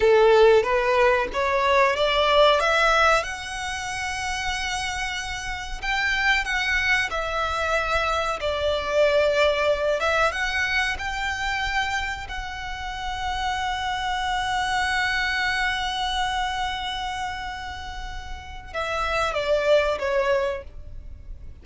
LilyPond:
\new Staff \with { instrumentName = "violin" } { \time 4/4 \tempo 4 = 93 a'4 b'4 cis''4 d''4 | e''4 fis''2.~ | fis''4 g''4 fis''4 e''4~ | e''4 d''2~ d''8 e''8 |
fis''4 g''2 fis''4~ | fis''1~ | fis''1~ | fis''4 e''4 d''4 cis''4 | }